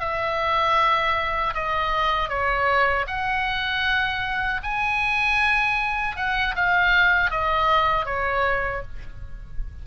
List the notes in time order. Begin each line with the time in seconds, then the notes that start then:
0.00 E5
1.54 D#5
2.29 C#5
3.07 F#5
4.63 G#5
6.16 F#5
6.55 F5
7.30 D#5
8.05 C#5